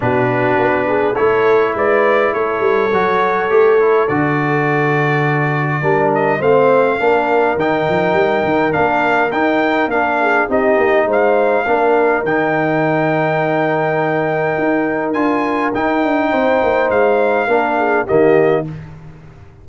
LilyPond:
<<
  \new Staff \with { instrumentName = "trumpet" } { \time 4/4 \tempo 4 = 103 b'2 cis''4 d''4 | cis''2. d''4~ | d''2~ d''8 dis''8 f''4~ | f''4 g''2 f''4 |
g''4 f''4 dis''4 f''4~ | f''4 g''2.~ | g''2 gis''4 g''4~ | g''4 f''2 dis''4 | }
  \new Staff \with { instrumentName = "horn" } { \time 4/4 fis'4. gis'8 a'4 b'4 | a'1~ | a'2 ais'4 c''4 | ais'1~ |
ais'4. gis'8 g'4 c''4 | ais'1~ | ais'1 | c''2 ais'8 gis'8 g'4 | }
  \new Staff \with { instrumentName = "trombone" } { \time 4/4 d'2 e'2~ | e'4 fis'4 g'8 e'8 fis'4~ | fis'2 d'4 c'4 | d'4 dis'2 d'4 |
dis'4 d'4 dis'2 | d'4 dis'2.~ | dis'2 f'4 dis'4~ | dis'2 d'4 ais4 | }
  \new Staff \with { instrumentName = "tuba" } { \time 4/4 b,4 b4 a4 gis4 | a8 g8 fis4 a4 d4~ | d2 g4 a4 | ais4 dis8 f8 g8 dis8 ais4 |
dis'4 ais4 c'8 ais8 gis4 | ais4 dis2.~ | dis4 dis'4 d'4 dis'8 d'8 | c'8 ais8 gis4 ais4 dis4 | }
>>